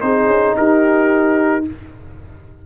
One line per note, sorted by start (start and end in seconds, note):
0.00 0.26 C4
0.00 1.62 D#4
0.00 0.57 G#4
0.00 0.55 C5
0.26 0.53 C#4
0.56 1.66 D#4
0.56 1.65 G4
0.56 1.64 A#4